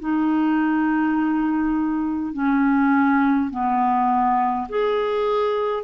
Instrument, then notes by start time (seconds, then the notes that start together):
clarinet
0.00 D#4
2.34 C#4
3.51 B3
4.70 G#4